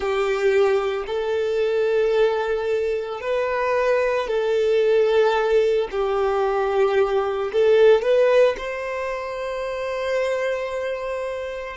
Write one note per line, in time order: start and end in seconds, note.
0.00 1.05 G4
1.06 3.20 A4
3.20 4.27 B4
4.27 5.88 A4
5.91 7.51 G4
7.52 8.02 A4
8.02 8.55 B4
8.57 11.76 C5